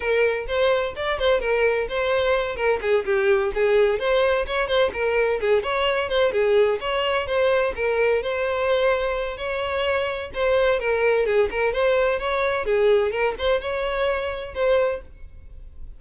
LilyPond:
\new Staff \with { instrumentName = "violin" } { \time 4/4 \tempo 4 = 128 ais'4 c''4 d''8 c''8 ais'4 | c''4. ais'8 gis'8 g'4 gis'8~ | gis'8 c''4 cis''8 c''8 ais'4 gis'8 | cis''4 c''8 gis'4 cis''4 c''8~ |
c''8 ais'4 c''2~ c''8 | cis''2 c''4 ais'4 | gis'8 ais'8 c''4 cis''4 gis'4 | ais'8 c''8 cis''2 c''4 | }